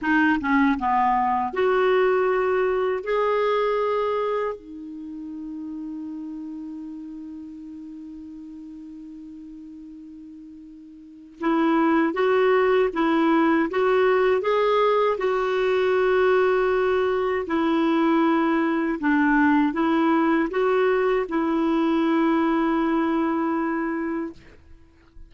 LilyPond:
\new Staff \with { instrumentName = "clarinet" } { \time 4/4 \tempo 4 = 79 dis'8 cis'8 b4 fis'2 | gis'2 dis'2~ | dis'1~ | dis'2. e'4 |
fis'4 e'4 fis'4 gis'4 | fis'2. e'4~ | e'4 d'4 e'4 fis'4 | e'1 | }